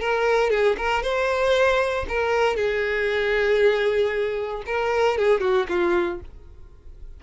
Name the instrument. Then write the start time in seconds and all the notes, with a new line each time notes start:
violin
0.00 A#4
0.50 G#4
0.77 A#4
1.02 C5
2.09 A#4
2.56 G#4
4.66 A#4
5.18 G#4
5.41 F#4
5.68 F4